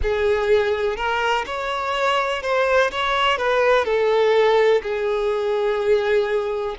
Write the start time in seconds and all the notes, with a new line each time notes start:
0.02 G#4
0.96 A#4
1.46 C#5
2.42 C5
2.91 C#5
3.37 B4
3.84 A4
4.82 G#4